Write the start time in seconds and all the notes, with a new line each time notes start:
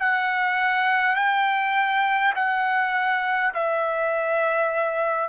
0.00 F#5
1.16 G5
2.36 F#5
3.55 E5